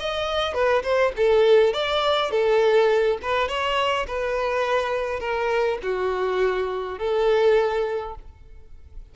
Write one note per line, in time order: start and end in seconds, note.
0.00 0.54 D#5
0.54 0.83 B4
0.83 1.13 C5
1.17 1.74 A4
1.74 2.31 D5
2.31 3.19 A4
3.22 3.48 B4
3.48 4.06 C#5
4.07 5.20 B4
5.20 5.78 A#4
5.83 6.99 F#4
6.99 8.15 A4